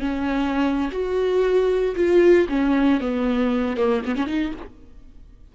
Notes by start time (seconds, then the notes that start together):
0.00 C#4
0.92 F#4
1.95 F4
2.49 C#4
3.00 B3
3.77 A#3
4.05 B3
4.15 C#4
4.26 D#4